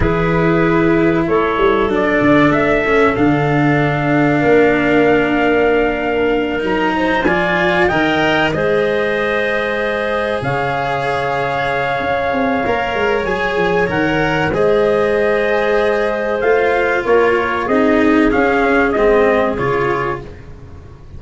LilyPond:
<<
  \new Staff \with { instrumentName = "trumpet" } { \time 4/4 \tempo 4 = 95 b'2 cis''4 d''4 | e''4 f''2.~ | f''2~ f''8 ais''4 gis''8~ | gis''8 g''4 dis''2~ dis''8~ |
dis''8 f''2.~ f''8~ | f''4 gis''4 fis''4 dis''4~ | dis''2 f''4 cis''4 | dis''4 f''4 dis''4 cis''4 | }
  \new Staff \with { instrumentName = "clarinet" } { \time 4/4 gis'2 a'2~ | a'2. ais'4~ | ais'2. c''8 d''8~ | d''8 dis''4 c''2~ c''8~ |
c''8 cis''2.~ cis''8~ | cis''2. c''4~ | c''2. ais'4 | gis'1 | }
  \new Staff \with { instrumentName = "cello" } { \time 4/4 e'2. d'4~ | d'8 cis'8 d'2.~ | d'2~ d'8 dis'4 f'8~ | f'8 ais'4 gis'2~ gis'8~ |
gis'1 | ais'4 gis'4 ais'4 gis'4~ | gis'2 f'2 | dis'4 cis'4 c'4 f'4 | }
  \new Staff \with { instrumentName = "tuba" } { \time 4/4 e2 a8 g8 fis8 d8 | a4 d2 ais4~ | ais2~ ais8 fis4 f8~ | f8 dis4 gis2~ gis8~ |
gis8 cis2~ cis8 cis'8 c'8 | ais8 gis8 fis8 f8 dis4 gis4~ | gis2 a4 ais4 | c'4 cis'4 gis4 cis4 | }
>>